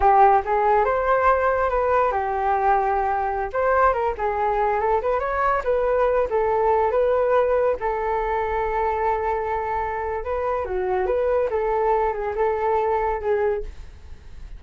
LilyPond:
\new Staff \with { instrumentName = "flute" } { \time 4/4 \tempo 4 = 141 g'4 gis'4 c''2 | b'4 g'2.~ | g'16 c''4 ais'8 gis'4. a'8 b'16~ | b'16 cis''4 b'4. a'4~ a'16~ |
a'16 b'2 a'4.~ a'16~ | a'1 | b'4 fis'4 b'4 a'4~ | a'8 gis'8 a'2 gis'4 | }